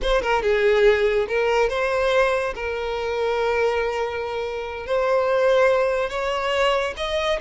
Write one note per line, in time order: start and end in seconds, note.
0.01 0.22 C5
0.22 0.42 A#4
0.42 1.26 G#4
1.28 1.69 A#4
1.69 2.54 C5
2.54 4.86 A#4
4.86 6.09 C5
6.09 6.94 C#5
6.96 7.39 D#5